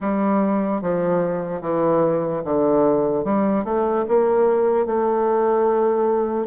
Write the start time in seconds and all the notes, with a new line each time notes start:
0.00 G3
0.81 F3
1.61 E3
2.44 D3
3.24 G3
3.64 A3
4.08 A#3
4.85 A3